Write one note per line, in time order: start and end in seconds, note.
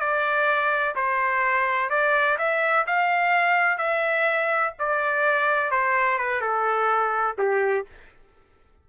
0.00 0.95 D5
0.96 1.90 C5
1.90 2.38 D5
2.38 2.86 E5
2.87 3.78 F5
3.78 4.74 E5
4.79 5.71 D5
5.71 6.18 C5
6.18 6.41 B4
6.41 7.37 A4
7.39 7.86 G4